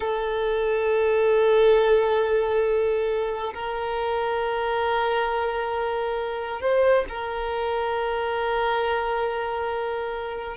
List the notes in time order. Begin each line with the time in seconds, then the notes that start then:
0.00 A4
3.54 A#4
6.61 C5
7.08 A#4